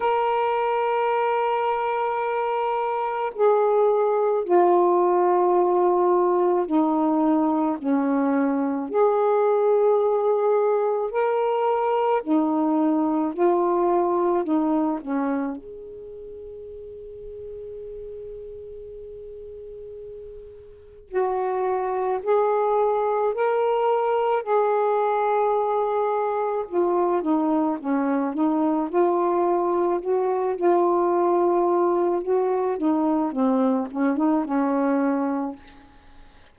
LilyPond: \new Staff \with { instrumentName = "saxophone" } { \time 4/4 \tempo 4 = 54 ais'2. gis'4 | f'2 dis'4 cis'4 | gis'2 ais'4 dis'4 | f'4 dis'8 cis'8 gis'2~ |
gis'2. fis'4 | gis'4 ais'4 gis'2 | f'8 dis'8 cis'8 dis'8 f'4 fis'8 f'8~ | f'4 fis'8 dis'8 c'8 cis'16 dis'16 cis'4 | }